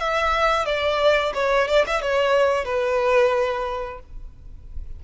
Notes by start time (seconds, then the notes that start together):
0.00 E5
0.66 D5
1.35 C#5
1.69 D5
1.88 E5
2.02 C#5
2.65 B4